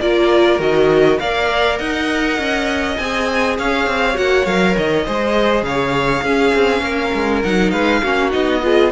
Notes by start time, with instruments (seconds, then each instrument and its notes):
0.00 cello A#3, viola F4, violin A#4 D5
0.59 cello D#3, viola F#4, violin D#5
1.19 cello A#3, viola A#4, violin D5 F5
1.78 cello D#4, violin D#5 F#5
2.38 cello C#4
2.96 cello C4, viola G#4, violin G#5
3.58 cello C#4, violin C#5 F5
3.87 cello C4
4.14 cello A#3, viola F#4, violin F#5
4.46 cello F#3, viola A#4, violin F5
4.77 cello D#3, violin D#5
5.05 cello G#3, viola G#4, violin C5
5.62 cello C#3, violin C#5 F5
6.22 cello C#4, viola C#4, violin G#4
6.54 cello C4
6.81 cello A#3, violin A#4
7.14 cello G#3
7.42 cello F#3, viola D#4, violin F#5
7.70 cello G#3, violin B4 F5
8.02 cello A#3, viola C#4, violin F#4
8.31 cello B3, viola D#4, violin D#5
8.62 viola F4, violin G#4